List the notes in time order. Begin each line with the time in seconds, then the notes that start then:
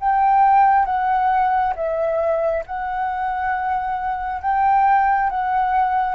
0.00 G5
0.86 F#5
1.76 E5
2.67 F#5
4.42 G5
5.31 F#5